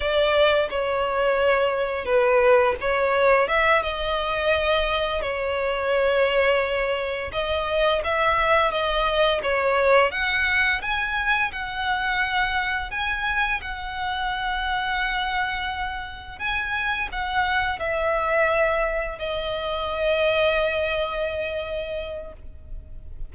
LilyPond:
\new Staff \with { instrumentName = "violin" } { \time 4/4 \tempo 4 = 86 d''4 cis''2 b'4 | cis''4 e''8 dis''2 cis''8~ | cis''2~ cis''8 dis''4 e''8~ | e''8 dis''4 cis''4 fis''4 gis''8~ |
gis''8 fis''2 gis''4 fis''8~ | fis''2.~ fis''8 gis''8~ | gis''8 fis''4 e''2 dis''8~ | dis''1 | }